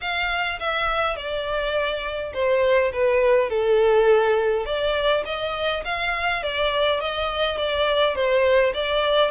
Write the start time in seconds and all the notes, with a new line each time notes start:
0.01 F5
0.59 E5
1.16 D5
2.33 C5
2.93 B4
3.49 A4
4.65 D5
5.25 D#5
5.84 F5
6.43 D5
7.00 D#5
7.57 D5
8.15 C5
8.74 D5